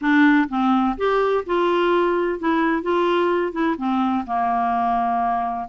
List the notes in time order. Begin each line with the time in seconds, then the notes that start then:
0.01 D4
0.49 C4
0.97 G4
1.45 F4
2.39 E4
2.82 F4
3.52 E4
3.77 C4
4.26 A#3